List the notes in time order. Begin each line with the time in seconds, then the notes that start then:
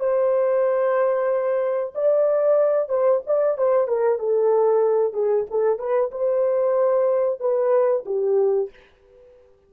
0.00 C5
1.95 D5
2.89 C5
3.27 D5
3.58 C5
3.88 A#4
4.19 A4
5.14 G#4
5.51 A4
5.79 B4
6.12 C5
7.40 B4
8.06 G4